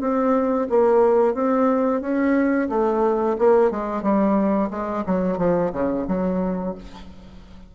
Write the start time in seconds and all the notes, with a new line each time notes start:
0.00 C4
0.70 A#3
1.34 C4
2.01 C#4
2.69 A3
3.38 A#3
3.70 G#3
4.02 G3
4.70 G#3
5.06 F#3
5.37 F3
5.72 C#3
6.07 F#3